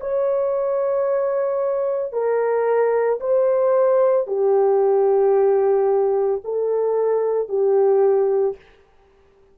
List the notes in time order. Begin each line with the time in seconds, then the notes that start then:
0.00 C#5
2.12 A#4
3.20 C5
4.27 G4
6.44 A4
7.49 G4